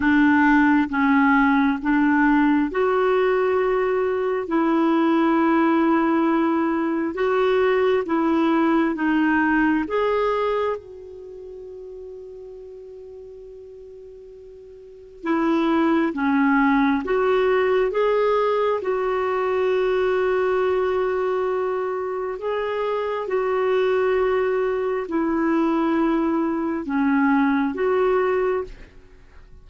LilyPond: \new Staff \with { instrumentName = "clarinet" } { \time 4/4 \tempo 4 = 67 d'4 cis'4 d'4 fis'4~ | fis'4 e'2. | fis'4 e'4 dis'4 gis'4 | fis'1~ |
fis'4 e'4 cis'4 fis'4 | gis'4 fis'2.~ | fis'4 gis'4 fis'2 | e'2 cis'4 fis'4 | }